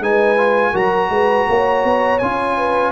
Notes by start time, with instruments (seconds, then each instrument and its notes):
0.00 tuba G#3, trombone D#4, horn B4, trumpet G#5
0.37 trombone F4
0.72 tuba F#3, trombone F#4, horn A#4, trumpet A#5
1.09 tuba G#3, horn B4
1.48 tuba A#3, horn C#5
1.84 tuba B3
2.18 tuba C#4, trombone F4, trumpet G#5
2.57 horn B4